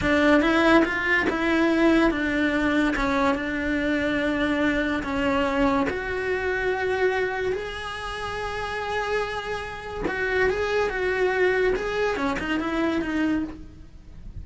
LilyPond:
\new Staff \with { instrumentName = "cello" } { \time 4/4 \tempo 4 = 143 d'4 e'4 f'4 e'4~ | e'4 d'2 cis'4 | d'1 | cis'2 fis'2~ |
fis'2 gis'2~ | gis'1 | fis'4 gis'4 fis'2 | gis'4 cis'8 dis'8 e'4 dis'4 | }